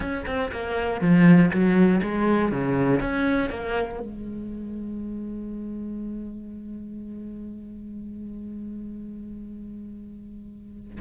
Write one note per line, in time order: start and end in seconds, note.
0.00 0.25 C#4
0.26 0.51 C4
0.51 1.00 A#3
1.00 1.50 F3
1.51 2.01 F#3
2.02 2.51 G#3
2.51 3.00 C#3
3.00 3.50 C#4
3.50 3.99 A#3
3.99 10.99 G#3